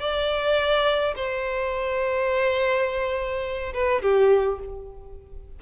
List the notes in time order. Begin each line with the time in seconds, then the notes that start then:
0.00 D5
1.16 C5
3.74 B4
4.02 G4